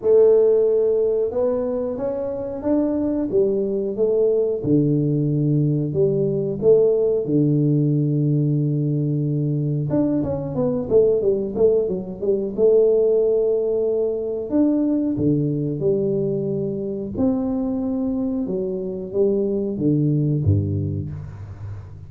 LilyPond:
\new Staff \with { instrumentName = "tuba" } { \time 4/4 \tempo 4 = 91 a2 b4 cis'4 | d'4 g4 a4 d4~ | d4 g4 a4 d4~ | d2. d'8 cis'8 |
b8 a8 g8 a8 fis8 g8 a4~ | a2 d'4 d4 | g2 c'2 | fis4 g4 d4 g,4 | }